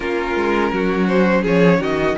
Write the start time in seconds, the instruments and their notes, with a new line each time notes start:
0.00 cello A#3, viola C#4, violin F4 A#4
0.35 cello G#3
0.72 cello F#3, violin F#4
1.07 violin C5
1.41 cello F3, violin G#4 C#5
1.79 cello D#3, violin F#4 D#5